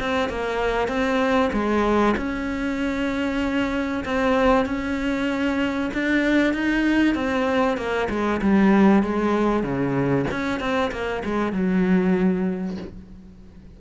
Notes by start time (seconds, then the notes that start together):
0.00 C4
0.29 A#3
0.88 C4
1.53 G#3
2.17 C#4
4.05 C4
4.66 C#4
5.93 D4
6.53 D#4
7.15 C4
7.77 A#3
8.10 G#3
8.41 G3
9.03 G#3
9.63 C#3
10.31 C#4
10.60 C4
10.91 A#3
11.25 G#3
11.52 F#3